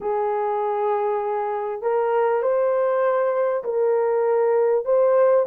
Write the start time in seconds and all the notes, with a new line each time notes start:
0.01 G#4
1.82 A#4
2.42 C5
3.64 A#4
4.85 C5